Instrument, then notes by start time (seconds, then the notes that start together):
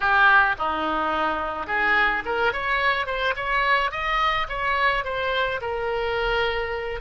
oboe
0.00 G4
0.58 D#4
1.67 G#4
2.25 A#4
2.53 C#5
3.06 C5
3.36 C#5
3.91 D#5
4.49 C#5
5.04 C5
5.61 A#4